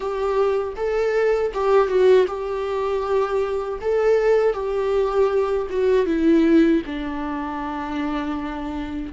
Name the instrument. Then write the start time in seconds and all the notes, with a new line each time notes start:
viola
0.00 G4
0.76 A4
1.54 G4
1.88 F#4
2.27 G4
3.81 A4
4.53 G4
5.70 F#4
6.06 E4
6.86 D4